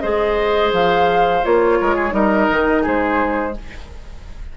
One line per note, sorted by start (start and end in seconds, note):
0.00 0.72 G#3
0.00 1.43 G#4
0.00 1.79 C5
0.00 0.71 D#5
0.72 1.43 F3
0.72 1.45 F5
1.43 1.80 A#3
1.43 2.10 F4
1.43 2.14 C#5
1.80 2.12 G#3
1.80 1.95 A#4
1.95 2.13 G#4
2.10 2.48 G3
2.10 3.51 D#4
2.10 2.82 A#4
2.10 2.84 D#5
2.51 2.86 D#3
2.82 3.57 G#3
2.82 3.53 G#4
2.82 3.57 C5